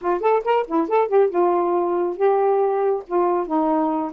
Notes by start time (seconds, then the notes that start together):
0.01 F4
0.20 A4
0.44 A#4
0.67 E4
0.88 A4
1.08 G4
1.29 F4
2.16 G4
3.07 F4
3.46 D#4